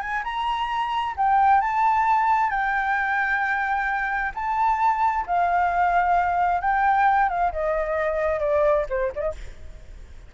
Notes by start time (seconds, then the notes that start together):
0.00 G#5
0.24 A#5
1.17 G5
1.61 A5
2.50 G5
4.34 A5
5.26 F5
6.61 G5
7.29 F5
7.52 D#5
8.40 D5
8.89 C5
9.15 D5 D#5